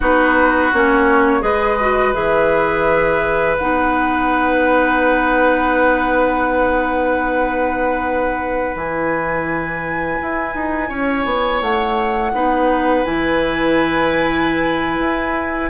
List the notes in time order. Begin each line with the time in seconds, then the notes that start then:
0.00 B3 D#4 F#4 B4
0.73 A#3 C#4 C#5
1.40 G#3 G#4 B4 D#5
1.80 F#4
2.13 E3 G#4 E5
3.58 B3 D#4 F#5
8.75 E3 E4 G#5
10.22 E4
10.54 D#4
10.88 C#4 C#5
11.25 B3
11.61 A3 F#5
12.33 B3 D#4 B4
13.04 E3 E4 G#5
14.99 E4